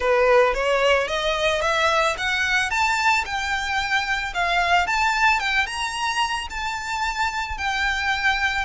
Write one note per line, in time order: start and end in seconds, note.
0.00 0.54 B4
0.54 1.07 C#5
1.07 1.61 D#5
1.61 2.15 E5
2.17 2.70 F#5
2.70 3.24 A5
3.25 4.33 G5
4.33 4.86 F5
4.86 5.39 A5
5.39 5.66 G5
5.66 6.47 A#5
6.50 7.57 A5
7.57 8.65 G5